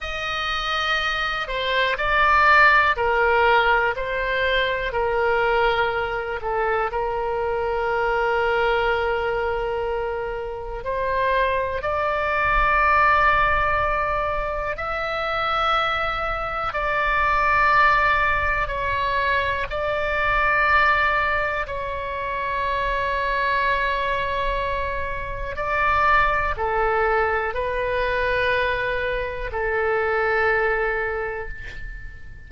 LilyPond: \new Staff \with { instrumentName = "oboe" } { \time 4/4 \tempo 4 = 61 dis''4. c''8 d''4 ais'4 | c''4 ais'4. a'8 ais'4~ | ais'2. c''4 | d''2. e''4~ |
e''4 d''2 cis''4 | d''2 cis''2~ | cis''2 d''4 a'4 | b'2 a'2 | }